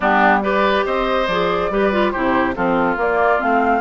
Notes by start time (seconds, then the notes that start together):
0.00 G3 B3 D4 G4
0.41 G4 B4 D5
0.85 C4 C5 D#5
1.27 F3 G#4 D5
1.69 G3 G4 B4
1.92 F4
2.11 C3 E4 G4 C5
2.54 F3 C4 F4 A4
2.96 A#3 D5
3.38 A3 C4 F5